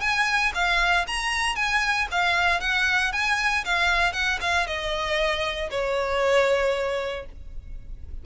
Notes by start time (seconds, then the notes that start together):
0.00 G#5
0.54 F5
1.07 A#5
1.55 G#5
2.11 F5
2.60 F#5
3.12 G#5
3.65 F5
4.13 F#5
4.41 F5
4.66 D#5
5.70 C#5